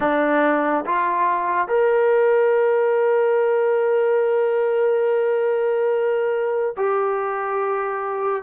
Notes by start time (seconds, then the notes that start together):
0.00 D4
0.85 F4
1.67 A#4
6.76 G4